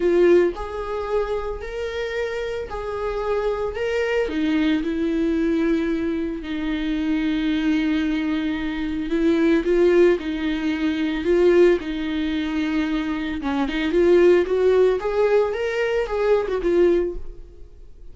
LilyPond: \new Staff \with { instrumentName = "viola" } { \time 4/4 \tempo 4 = 112 f'4 gis'2 ais'4~ | ais'4 gis'2 ais'4 | dis'4 e'2. | dis'1~ |
dis'4 e'4 f'4 dis'4~ | dis'4 f'4 dis'2~ | dis'4 cis'8 dis'8 f'4 fis'4 | gis'4 ais'4 gis'8. fis'16 f'4 | }